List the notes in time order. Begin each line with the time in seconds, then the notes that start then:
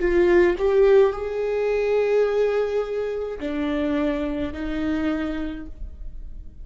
0.00 F4
0.59 G4
1.13 G#4
3.40 D4
4.53 D#4